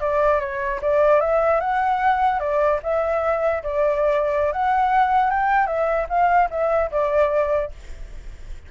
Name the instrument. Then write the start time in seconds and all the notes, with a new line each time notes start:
flute
0.00 D5
0.40 C#5
0.81 D5
1.20 E5
1.61 F#5
2.39 D5
2.83 E5
3.63 D5
4.52 F#5
5.30 G5
5.67 E5
6.09 F5
6.50 E5
6.91 D5